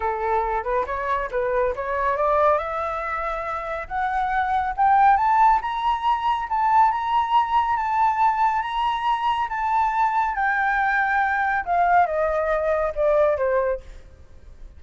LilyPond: \new Staff \with { instrumentName = "flute" } { \time 4/4 \tempo 4 = 139 a'4. b'8 cis''4 b'4 | cis''4 d''4 e''2~ | e''4 fis''2 g''4 | a''4 ais''2 a''4 |
ais''2 a''2 | ais''2 a''2 | g''2. f''4 | dis''2 d''4 c''4 | }